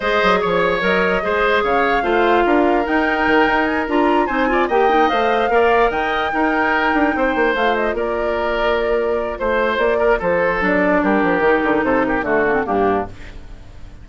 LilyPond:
<<
  \new Staff \with { instrumentName = "flute" } { \time 4/4 \tempo 4 = 147 dis''4 cis''4 dis''2 | f''2. g''4~ | g''4 gis''8 ais''4 gis''4 g''8~ | g''8 f''2 g''4.~ |
g''2~ g''8 f''8 dis''8 d''8~ | d''2. c''4 | d''4 c''4 d''4 ais'4~ | ais'4 c''8 ais'8 a'4 g'4 | }
  \new Staff \with { instrumentName = "oboe" } { \time 4/4 c''4 cis''2 c''4 | cis''4 c''4 ais'2~ | ais'2~ ais'8 c''8 d''8 dis''8~ | dis''4. d''4 dis''4 ais'8~ |
ais'4. c''2 ais'8~ | ais'2. c''4~ | c''8 ais'8 a'2 g'4~ | g'4 a'8 g'8 fis'4 d'4 | }
  \new Staff \with { instrumentName = "clarinet" } { \time 4/4 gis'2 ais'4 gis'4~ | gis'4 f'2 dis'4~ | dis'4. f'4 dis'8 f'8 g'8 | dis'8 c''4 ais'2 dis'8~ |
dis'2~ dis'8 f'4.~ | f'1~ | f'2 d'2 | dis'2 a8 ais16 c'16 ais4 | }
  \new Staff \with { instrumentName = "bassoon" } { \time 4/4 gis8 fis8 f4 fis4 gis4 | cis4 a4 d'4 dis'4 | dis8 dis'4 d'4 c'4 ais8~ | ais8 a4 ais4 dis4 dis'8~ |
dis'4 d'8 c'8 ais8 a4 ais8~ | ais2. a4 | ais4 f4 fis4 g8 f8 | dis8 d8 c4 d4 g,4 | }
>>